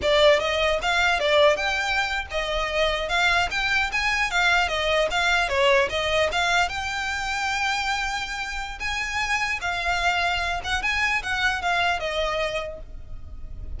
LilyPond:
\new Staff \with { instrumentName = "violin" } { \time 4/4 \tempo 4 = 150 d''4 dis''4 f''4 d''4 | g''4.~ g''16 dis''2 f''16~ | f''8. g''4 gis''4 f''4 dis''16~ | dis''8. f''4 cis''4 dis''4 f''16~ |
f''8. g''2.~ g''16~ | g''2 gis''2 | f''2~ f''8 fis''8 gis''4 | fis''4 f''4 dis''2 | }